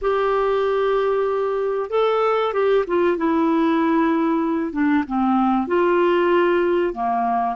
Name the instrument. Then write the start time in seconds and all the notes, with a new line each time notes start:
clarinet
0.01 G4
1.89 A4
2.53 G4
2.87 F4
3.17 E4
4.72 D4
5.07 C4
5.67 F4
6.93 A#3